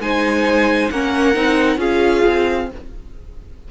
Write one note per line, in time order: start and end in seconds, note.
0.00 0.90 G#3
0.00 0.91 D#4
0.00 0.92 C5
0.00 0.90 G#5
0.90 1.36 A#3
0.90 1.35 C#4
0.90 1.79 A#4
0.90 1.80 F#5
1.35 1.77 C4
1.35 1.78 D#4
1.77 2.22 C#4
1.77 2.67 F4
1.77 2.68 G#4
1.77 2.70 F5
2.26 2.71 C4